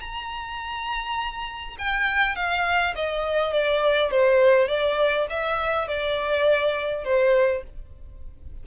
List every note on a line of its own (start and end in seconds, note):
0.00 1.76 A#5
1.78 2.36 G5
2.36 2.94 F5
2.95 3.53 D#5
3.53 4.11 D5
4.11 4.68 C5
4.68 5.27 D5
5.29 5.88 E5
5.88 7.04 D5
7.04 7.63 C5